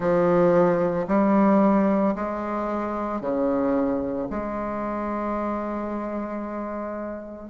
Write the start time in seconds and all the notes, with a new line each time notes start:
0.00 F3
1.07 G3
2.15 G#3
3.20 C#3
4.30 G#3